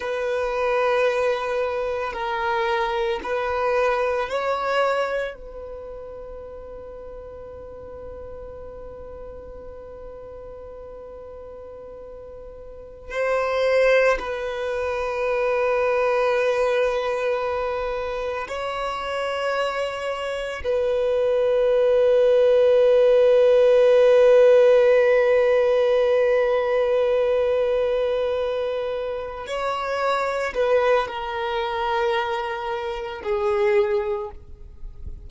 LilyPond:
\new Staff \with { instrumentName = "violin" } { \time 4/4 \tempo 4 = 56 b'2 ais'4 b'4 | cis''4 b'2.~ | b'1~ | b'16 c''4 b'2~ b'8.~ |
b'4~ b'16 cis''2 b'8.~ | b'1~ | b'2.~ b'8 cis''8~ | cis''8 b'8 ais'2 gis'4 | }